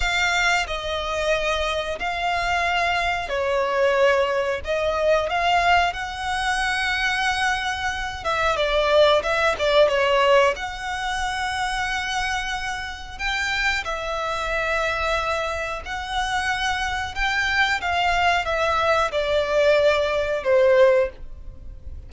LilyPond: \new Staff \with { instrumentName = "violin" } { \time 4/4 \tempo 4 = 91 f''4 dis''2 f''4~ | f''4 cis''2 dis''4 | f''4 fis''2.~ | fis''8 e''8 d''4 e''8 d''8 cis''4 |
fis''1 | g''4 e''2. | fis''2 g''4 f''4 | e''4 d''2 c''4 | }